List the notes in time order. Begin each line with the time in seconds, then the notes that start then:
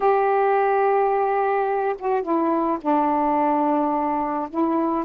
0.00 G4
1.98 F#4
2.22 E4
2.81 D4
4.50 E4